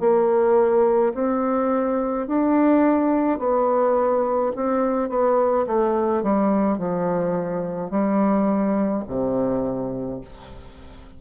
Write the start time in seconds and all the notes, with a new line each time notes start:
0.00 A#3
1.14 C4
2.27 D4
3.39 B3
4.55 C4
5.09 B3
5.67 A3
6.23 G3
6.78 F3
7.90 G3
9.07 C3